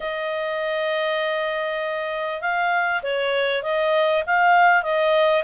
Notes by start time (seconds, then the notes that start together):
0.00 D#5
2.41 F5
3.02 C#5
3.63 D#5
4.26 F5
4.82 D#5